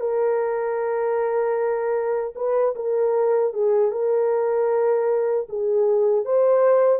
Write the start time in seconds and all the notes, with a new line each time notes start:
0.00 A#4
2.35 B4
2.75 A#4
3.53 G#4
3.91 A#4
5.49 G#4
6.25 C5